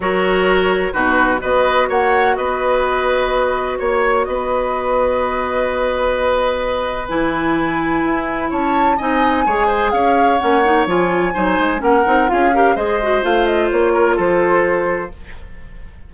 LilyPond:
<<
  \new Staff \with { instrumentName = "flute" } { \time 4/4 \tempo 4 = 127 cis''2 b'4 dis''4 | fis''4 dis''2. | cis''4 dis''2.~ | dis''2. gis''4~ |
gis''2 a''4 gis''4~ | gis''4 f''4 fis''4 gis''4~ | gis''4 fis''4 f''4 dis''4 | f''8 dis''8 cis''4 c''2 | }
  \new Staff \with { instrumentName = "oboe" } { \time 4/4 ais'2 fis'4 b'4 | cis''4 b'2. | cis''4 b'2.~ | b'1~ |
b'2 cis''4 dis''4 | cis''8 c''8 cis''2. | c''4 ais'4 gis'8 ais'8 c''4~ | c''4. ais'8 a'2 | }
  \new Staff \with { instrumentName = "clarinet" } { \time 4/4 fis'2 dis'4 fis'4~ | fis'1~ | fis'1~ | fis'2. e'4~ |
e'2. dis'4 | gis'2 cis'8 dis'8 f'4 | dis'4 cis'8 dis'8 f'8 g'8 gis'8 fis'8 | f'1 | }
  \new Staff \with { instrumentName = "bassoon" } { \time 4/4 fis2 b,4 b4 | ais4 b2. | ais4 b2.~ | b2. e4~ |
e4 e'4 cis'4 c'4 | gis4 cis'4 ais4 f4 | fis8 gis8 ais8 c'8 cis'4 gis4 | a4 ais4 f2 | }
>>